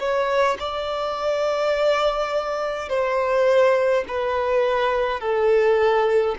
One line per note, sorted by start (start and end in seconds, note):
0.00 0.58 C#5
0.60 2.90 D5
2.90 4.05 C5
4.09 5.21 B4
5.21 6.36 A4